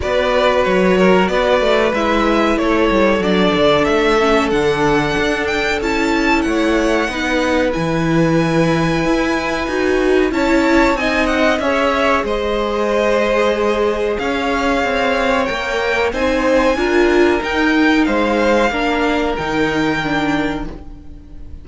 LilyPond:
<<
  \new Staff \with { instrumentName = "violin" } { \time 4/4 \tempo 4 = 93 d''4 cis''4 d''4 e''4 | cis''4 d''4 e''4 fis''4~ | fis''8 g''8 a''4 fis''2 | gis''1 |
a''4 gis''8 fis''8 e''4 dis''4~ | dis''2 f''2 | g''4 gis''2 g''4 | f''2 g''2 | }
  \new Staff \with { instrumentName = "violin" } { \time 4/4 b'4. ais'8 b'2 | a'1~ | a'2 cis''4 b'4~ | b'1 |
cis''4 dis''4 cis''4 c''4~ | c''2 cis''2~ | cis''4 c''4 ais'2 | c''4 ais'2. | }
  \new Staff \with { instrumentName = "viola" } { \time 4/4 fis'2. e'4~ | e'4 d'4. cis'8 d'4~ | d'4 e'2 dis'4 | e'2. fis'4 |
e'4 dis'4 gis'2~ | gis'1 | ais'4 dis'4 f'4 dis'4~ | dis'4 d'4 dis'4 d'4 | }
  \new Staff \with { instrumentName = "cello" } { \time 4/4 b4 fis4 b8 a8 gis4 | a8 g8 fis8 d8 a4 d4 | d'4 cis'4 a4 b4 | e2 e'4 dis'4 |
cis'4 c'4 cis'4 gis4~ | gis2 cis'4 c'4 | ais4 c'4 d'4 dis'4 | gis4 ais4 dis2 | }
>>